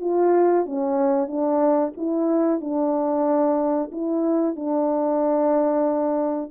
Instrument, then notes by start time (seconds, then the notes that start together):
horn
0.00 F4
0.65 C#4
1.27 D4
1.97 E4
2.60 D4
3.91 E4
4.55 D4